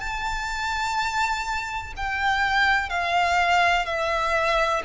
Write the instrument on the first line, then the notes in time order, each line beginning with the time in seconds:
violin
0.00 A5
1.97 G5
2.89 F5
3.86 E5